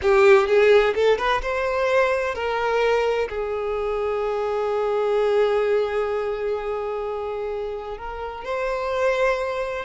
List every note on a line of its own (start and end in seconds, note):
0.01 0.47 G4
0.47 0.94 G#4
0.94 1.18 A4
1.18 1.41 B4
1.41 2.34 C5
2.34 3.28 A#4
3.29 7.97 G#4
7.97 8.44 A#4
8.44 9.85 C5